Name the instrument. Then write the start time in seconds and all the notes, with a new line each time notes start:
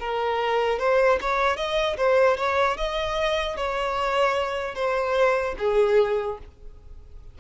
violin
0.00 A#4
0.79 C5
1.21 C#5
1.57 D#5
1.97 C5
2.37 C#5
2.77 D#5
3.57 C#5
4.75 C5
5.59 G#4